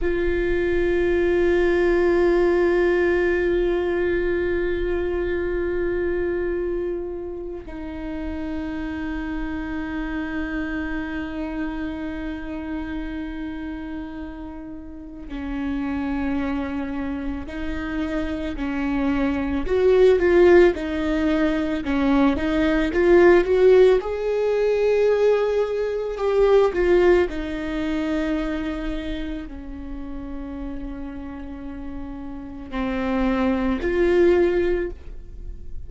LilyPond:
\new Staff \with { instrumentName = "viola" } { \time 4/4 \tempo 4 = 55 f'1~ | f'2. dis'4~ | dis'1~ | dis'2 cis'2 |
dis'4 cis'4 fis'8 f'8 dis'4 | cis'8 dis'8 f'8 fis'8 gis'2 | g'8 f'8 dis'2 cis'4~ | cis'2 c'4 f'4 | }